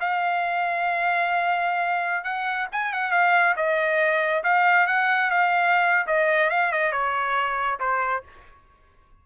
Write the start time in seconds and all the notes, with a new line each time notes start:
0.00 F5
2.24 F#5
2.72 G#5
2.93 F#5
3.11 F5
3.56 D#5
4.44 F5
4.87 F#5
5.30 F5
6.07 D#5
6.50 F5
6.72 D#5
6.92 C#5
7.80 C5